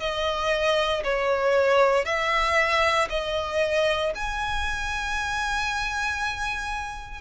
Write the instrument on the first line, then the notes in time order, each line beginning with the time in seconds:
violin
0.00 D#5
1.04 C#5
2.05 E5
3.10 D#5
4.15 G#5